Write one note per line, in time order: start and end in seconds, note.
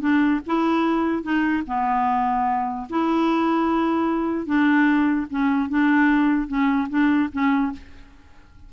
0.00 0.40 D4
0.46 1.23 E4
1.23 1.63 D#4
1.67 2.88 B3
2.90 4.46 E4
4.46 5.26 D4
5.30 5.69 C#4
5.69 6.48 D4
6.48 6.88 C#4
6.89 7.30 D4
7.32 7.73 C#4